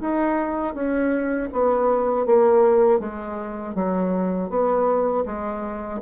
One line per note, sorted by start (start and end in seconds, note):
0.00 0.74 D#4
0.74 1.49 C#4
1.52 2.25 B3
2.25 2.99 A#3
2.99 3.74 G#3
3.75 4.49 F#3
4.49 5.24 B3
5.25 6.00 G#3